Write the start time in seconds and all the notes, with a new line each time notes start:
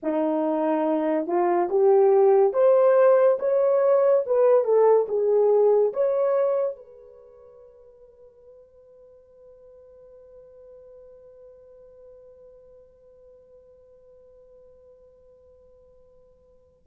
0.02 D#4
1.26 F4
1.69 G4
2.53 C5
3.39 C#5
4.26 B4
4.64 A4
5.08 G#4
5.93 C#5
6.76 B4